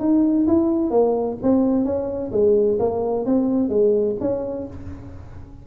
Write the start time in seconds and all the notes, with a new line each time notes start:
0.00 D#4
0.48 E4
0.91 A#3
1.43 C4
1.85 C#4
2.32 G#3
2.79 A#3
3.26 C4
3.70 G#3
4.21 C#4